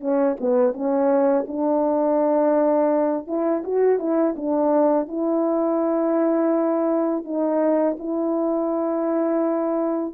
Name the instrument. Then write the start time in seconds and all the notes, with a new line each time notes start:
horn
0.00 C#4
0.40 B3
0.73 C#4
1.47 D4
3.27 E4
3.63 F#4
3.99 E4
4.36 D4
5.08 E4
7.24 D#4
7.99 E4